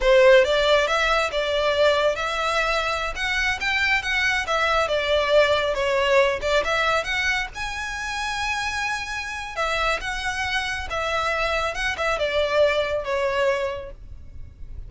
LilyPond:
\new Staff \with { instrumentName = "violin" } { \time 4/4 \tempo 4 = 138 c''4 d''4 e''4 d''4~ | d''4 e''2~ e''16 fis''8.~ | fis''16 g''4 fis''4 e''4 d''8.~ | d''4~ d''16 cis''4. d''8 e''8.~ |
e''16 fis''4 gis''2~ gis''8.~ | gis''2 e''4 fis''4~ | fis''4 e''2 fis''8 e''8 | d''2 cis''2 | }